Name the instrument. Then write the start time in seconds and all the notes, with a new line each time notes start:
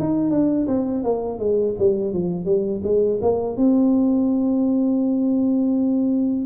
tuba
0.00 D#4
0.31 D4
0.68 C4
1.04 A#3
1.39 G#3
1.79 G3
2.14 F3
2.45 G3
2.84 G#3
3.22 A#3
3.57 C4